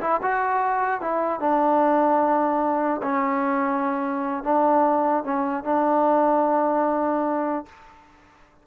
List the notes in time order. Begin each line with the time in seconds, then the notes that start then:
0.00 E4
0.21 F#4
1.00 E4
1.40 D4
3.02 C#4
4.43 D4
5.23 C#4
5.64 D4